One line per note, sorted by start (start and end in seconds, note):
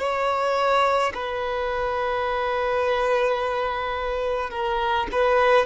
0.00 1.13 C#5
1.14 4.51 B4
4.51 5.07 A#4
5.13 5.66 B4